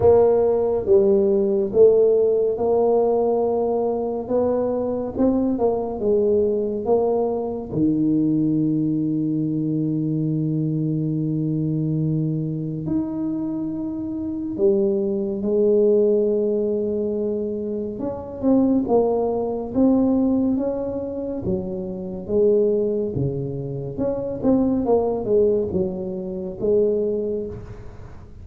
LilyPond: \new Staff \with { instrumentName = "tuba" } { \time 4/4 \tempo 4 = 70 ais4 g4 a4 ais4~ | ais4 b4 c'8 ais8 gis4 | ais4 dis2.~ | dis2. dis'4~ |
dis'4 g4 gis2~ | gis4 cis'8 c'8 ais4 c'4 | cis'4 fis4 gis4 cis4 | cis'8 c'8 ais8 gis8 fis4 gis4 | }